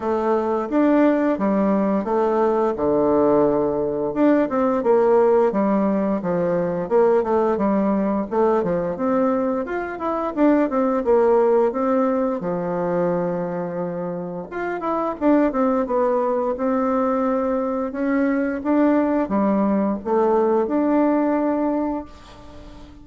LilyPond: \new Staff \with { instrumentName = "bassoon" } { \time 4/4 \tempo 4 = 87 a4 d'4 g4 a4 | d2 d'8 c'8 ais4 | g4 f4 ais8 a8 g4 | a8 f8 c'4 f'8 e'8 d'8 c'8 |
ais4 c'4 f2~ | f4 f'8 e'8 d'8 c'8 b4 | c'2 cis'4 d'4 | g4 a4 d'2 | }